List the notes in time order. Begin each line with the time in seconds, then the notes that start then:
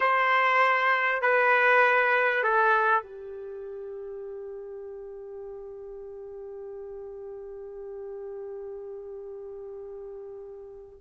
0.00 C5
1.21 B4
2.43 A4
3.03 G4